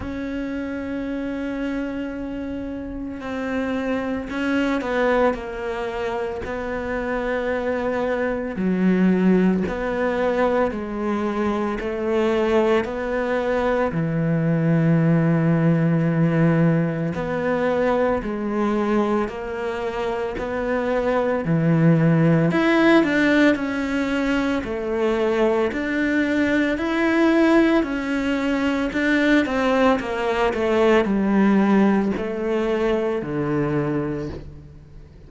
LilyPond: \new Staff \with { instrumentName = "cello" } { \time 4/4 \tempo 4 = 56 cis'2. c'4 | cis'8 b8 ais4 b2 | fis4 b4 gis4 a4 | b4 e2. |
b4 gis4 ais4 b4 | e4 e'8 d'8 cis'4 a4 | d'4 e'4 cis'4 d'8 c'8 | ais8 a8 g4 a4 d4 | }